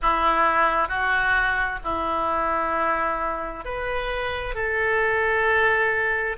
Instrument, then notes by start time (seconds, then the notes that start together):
oboe
0.02 E4
0.88 F#4
1.83 E4
3.64 B4
4.55 A4